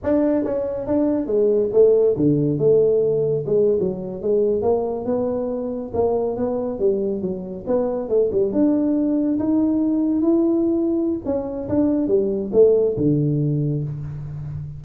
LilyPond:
\new Staff \with { instrumentName = "tuba" } { \time 4/4 \tempo 4 = 139 d'4 cis'4 d'4 gis4 | a4 d4 a2 | gis8. fis4 gis4 ais4 b16~ | b4.~ b16 ais4 b4 g16~ |
g8. fis4 b4 a8 g8 d'16~ | d'4.~ d'16 dis'2 e'16~ | e'2 cis'4 d'4 | g4 a4 d2 | }